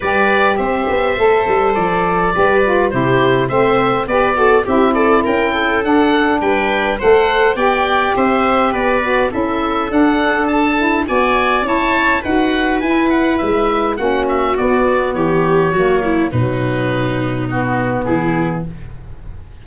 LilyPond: <<
  \new Staff \with { instrumentName = "oboe" } { \time 4/4 \tempo 4 = 103 d''4 e''2 d''4~ | d''4 c''4 e''4 d''4 | e''8 d''8 g''4 fis''4 g''4 | fis''4 g''4 e''4 d''4 |
e''4 fis''4 a''4 gis''4 | a''4 fis''4 gis''8 fis''8 e''4 | fis''8 e''8 d''4 cis''2 | b'2 fis'4 gis'4 | }
  \new Staff \with { instrumentName = "viola" } { \time 4/4 b'4 c''2. | b'4 g'4 c''4 b'8 a'8 | g'8 a'8 ais'8 a'4. b'4 | c''4 d''4 c''4 b'4 |
a'2. d''4 | cis''4 b'2. | fis'2 g'4 fis'8 e'8 | dis'2. e'4 | }
  \new Staff \with { instrumentName = "saxophone" } { \time 4/4 g'2 a'2 | g'8 f'8 e'4 c'4 g'8 fis'8 | e'2 d'2 | a'4 g'2~ g'8 fis'8 |
e'4 d'4. e'8 fis'4 | e'4 fis'4 e'2 | cis'4 b2 ais4 | fis2 b2 | }
  \new Staff \with { instrumentName = "tuba" } { \time 4/4 g4 c'8 b8 a8 g8 f4 | g4 c4 a4 b4 | c'4 cis'4 d'4 g4 | a4 b4 c'4 b4 |
cis'4 d'2 b4 | cis'4 dis'4 e'4 gis4 | ais4 b4 e4 fis4 | b,2. e4 | }
>>